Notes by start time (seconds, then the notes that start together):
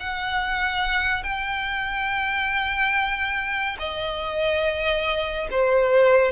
0.00 F#5
1.23 G5
3.79 D#5
5.51 C5